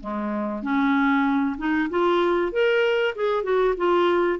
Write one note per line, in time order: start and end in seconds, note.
0.00 0.62 G#3
0.62 1.56 C#4
1.58 1.89 D#4
1.90 2.52 F4
2.52 3.14 A#4
3.15 3.43 G#4
3.43 3.74 F#4
3.77 4.39 F4